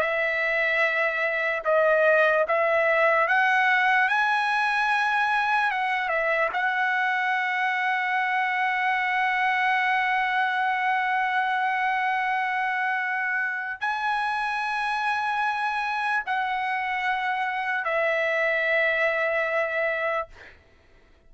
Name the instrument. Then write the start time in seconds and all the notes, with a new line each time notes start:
trumpet
0.00 E5
1.64 D#5
2.48 E5
3.28 F#5
4.08 G#5
5.71 F#5
6.08 E5
6.53 F#5
13.80 G#5
16.26 F#5
17.84 E5